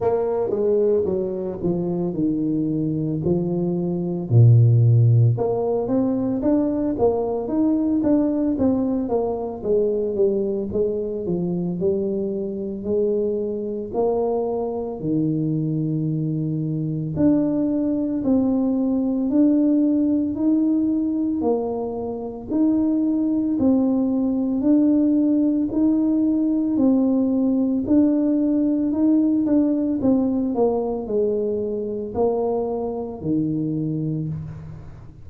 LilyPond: \new Staff \with { instrumentName = "tuba" } { \time 4/4 \tempo 4 = 56 ais8 gis8 fis8 f8 dis4 f4 | ais,4 ais8 c'8 d'8 ais8 dis'8 d'8 | c'8 ais8 gis8 g8 gis8 f8 g4 | gis4 ais4 dis2 |
d'4 c'4 d'4 dis'4 | ais4 dis'4 c'4 d'4 | dis'4 c'4 d'4 dis'8 d'8 | c'8 ais8 gis4 ais4 dis4 | }